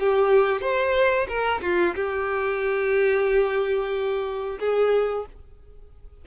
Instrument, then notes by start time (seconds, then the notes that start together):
violin
0.00 G4
0.62 C5
1.29 A#4
1.62 F4
1.96 G4
4.60 G#4